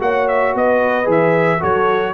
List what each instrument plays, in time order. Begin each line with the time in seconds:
0.00 tuba A#3, trombone F#4, horn C#5, trumpet F#5
0.28 trumpet E5
0.55 tuba B3, horn B4, trumpet D#5
1.05 tuba E3, trombone G#4
1.11 trumpet E5
1.59 tuba F#3, trombone F#4, horn A4, trumpet C#5